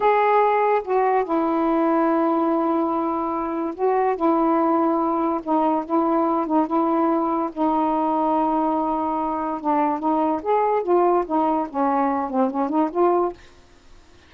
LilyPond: \new Staff \with { instrumentName = "saxophone" } { \time 4/4 \tempo 4 = 144 gis'2 fis'4 e'4~ | e'1~ | e'4 fis'4 e'2~ | e'4 dis'4 e'4. dis'8 |
e'2 dis'2~ | dis'2. d'4 | dis'4 gis'4 f'4 dis'4 | cis'4. c'8 cis'8 dis'8 f'4 | }